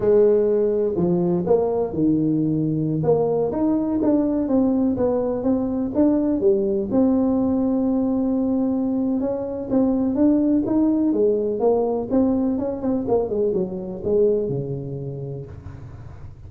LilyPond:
\new Staff \with { instrumentName = "tuba" } { \time 4/4 \tempo 4 = 124 gis2 f4 ais4 | dis2~ dis16 ais4 dis'8.~ | dis'16 d'4 c'4 b4 c'8.~ | c'16 d'4 g4 c'4.~ c'16~ |
c'2. cis'4 | c'4 d'4 dis'4 gis4 | ais4 c'4 cis'8 c'8 ais8 gis8 | fis4 gis4 cis2 | }